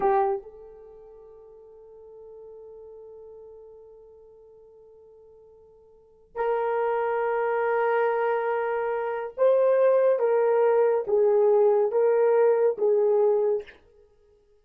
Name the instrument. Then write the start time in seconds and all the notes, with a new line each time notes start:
horn
0.00 G4
0.42 A4
6.35 A#4
9.37 C5
10.19 A#4
11.07 G#4
11.91 A#4
12.78 G#4